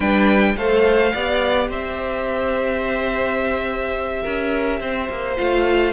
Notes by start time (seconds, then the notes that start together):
0.00 G3 D4 B4 G5
0.56 A3 A4 C5 F5
1.12 B3 G4 D5
1.69 C4 C5 E5
4.22 C#4 A#4
4.80 C4 C5
5.09 A#3
5.37 A3 F4 F5